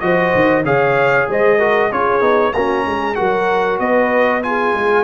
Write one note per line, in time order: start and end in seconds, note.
0.00 0.33 F3
0.00 0.64 F#4
0.00 0.65 C5
0.00 0.63 D#5
0.35 0.64 D#3
0.64 1.27 C#3
0.64 1.59 G#4
0.64 1.28 C#5
0.64 1.29 F5
1.28 1.91 G#3
1.28 1.58 C5
1.28 1.92 D#5
1.58 1.91 F#4
1.58 1.90 A#4
1.90 2.21 C#4
1.90 2.21 F4
1.90 2.53 G#4
1.90 2.53 C#5
2.21 2.52 B3
2.21 2.52 D#4
2.53 2.85 A#3
2.53 3.16 C#4
2.53 2.85 F#4
2.53 3.15 A#5
2.86 3.17 G#3
2.86 3.17 G#4
3.15 3.79 F#3
3.15 4.42 F#4
3.15 3.80 A#4
3.15 3.78 F#5
3.79 4.74 B3
3.79 4.43 B4
3.79 4.42 D#5
4.43 5.04 F4
4.43 5.04 G#4
4.43 5.04 G#5
4.74 5.04 G#3